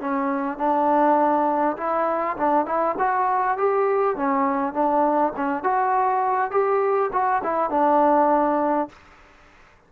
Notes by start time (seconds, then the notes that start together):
0.00 C#4
0.58 D4
1.77 E4
2.37 D4
2.66 E4
2.98 F#4
3.58 G4
4.16 C#4
4.73 D4
5.36 C#4
5.63 F#4
6.51 G4
7.13 F#4
7.43 E4
7.70 D4